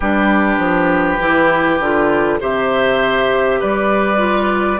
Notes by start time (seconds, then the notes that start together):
0.00 G3 D4 G4 B4
0.58 F3
1.19 E3 E4
1.79 D3 F4
2.40 C3 G4 C5 E5
3.60 G3 B4 D5
4.17 F4